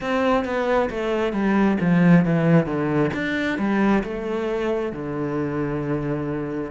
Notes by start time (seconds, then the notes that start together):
0.00 C4
0.44 B3
0.90 A3
1.32 G3
1.80 F3
2.25 E3
2.65 D3
3.13 D4
3.58 G3
4.03 A3
4.92 D3